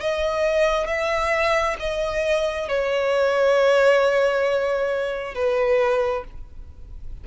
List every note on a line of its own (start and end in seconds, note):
0.00 0.87 D#5
0.87 1.76 E5
1.79 2.68 D#5
2.68 5.34 C#5
5.34 6.24 B4